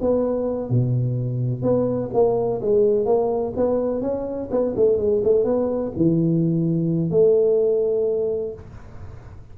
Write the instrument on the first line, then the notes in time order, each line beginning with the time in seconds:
tuba
0.00 B3
0.69 B2
1.62 B3
2.13 A#3
2.61 G#3
3.05 A#3
3.56 B3
4.01 C#4
4.50 B3
4.76 A3
4.98 G#3
5.23 A3
5.44 B3
5.96 E3
7.10 A3